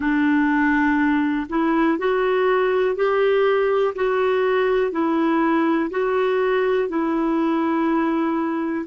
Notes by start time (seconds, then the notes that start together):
0.00 D4
1.49 E4
1.98 F#4
2.95 G4
3.95 F#4
4.91 E4
5.90 F#4
6.89 E4